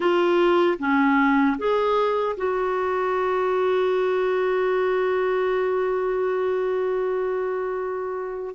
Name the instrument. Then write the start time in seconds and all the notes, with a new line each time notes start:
clarinet
0.00 F4
0.79 C#4
1.58 G#4
2.37 F#4